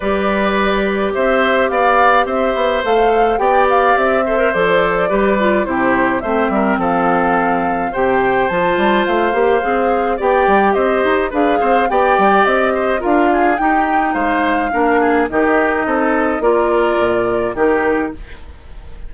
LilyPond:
<<
  \new Staff \with { instrumentName = "flute" } { \time 4/4 \tempo 4 = 106 d''2 e''4 f''4 | e''4 f''4 g''8 f''8 e''4 | d''2 c''4 e''4 | f''2 g''4 a''4 |
f''2 g''4 dis''4 | f''4 g''4 dis''4 f''4 | g''4 f''2 dis''4~ | dis''4 d''2 ais'4 | }
  \new Staff \with { instrumentName = "oboe" } { \time 4/4 b'2 c''4 d''4 | c''2 d''4. c''8~ | c''4 b'4 g'4 c''8 ais'8 | a'2 c''2~ |
c''2 d''4 c''4 | b'8 c''8 d''4. c''8 ais'8 gis'8 | g'4 c''4 ais'8 gis'8 g'4 | a'4 ais'2 g'4 | }
  \new Staff \with { instrumentName = "clarinet" } { \time 4/4 g'1~ | g'4 a'4 g'4. a'16 ais'16 | a'4 g'8 f'8 e'4 c'4~ | c'2 g'4 f'4~ |
f'8 g'8 gis'4 g'2 | gis'4 g'2 f'4 | dis'2 d'4 dis'4~ | dis'4 f'2 dis'4 | }
  \new Staff \with { instrumentName = "bassoon" } { \time 4/4 g2 c'4 b4 | c'8 b8 a4 b4 c'4 | f4 g4 c4 a8 g8 | f2 c4 f8 g8 |
a8 ais8 c'4 b8 g8 c'8 dis'8 | d'8 c'8 b8 g8 c'4 d'4 | dis'4 gis4 ais4 dis4 | c'4 ais4 ais,4 dis4 | }
>>